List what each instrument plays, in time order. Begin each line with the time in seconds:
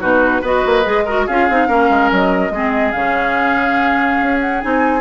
0.00 bassoon B2, clarinet D#4, oboe F#4, flute B4
0.41 bassoon B3, clarinet F#4, oboe B4, flute D#5
0.65 bassoon A#3
0.83 bassoon G#3, clarinet G#4
1.05 clarinet F#4, oboe A#4
1.26 bassoon C#4, clarinet F4, oboe G#4, flute F5
1.49 bassoon C4, clarinet D#4
1.67 bassoon A#3, clarinet C#4, oboe A#4
1.89 bassoon G#3
2.11 bassoon F#3, flute D#5
2.50 bassoon G#3, clarinet C4, oboe G#4
2.91 bassoon C#3, clarinet C#4, flute F5
4.20 bassoon C#4
4.40 flute F#5
4.61 bassoon C4, clarinet D#4, flute G#5